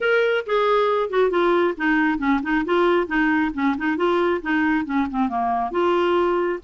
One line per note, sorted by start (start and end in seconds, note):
0.00 0.44 A#4
0.46 1.09 G#4
1.09 1.30 F#4
1.30 1.74 F4
1.77 2.18 D#4
2.18 2.40 C#4
2.42 2.65 D#4
2.65 3.07 F4
3.07 3.51 D#4
3.54 3.76 C#4
3.77 3.97 D#4
3.97 4.41 F4
4.42 4.85 D#4
4.85 5.07 C#4
5.10 5.28 C4
5.28 5.71 A#3
5.71 6.59 F4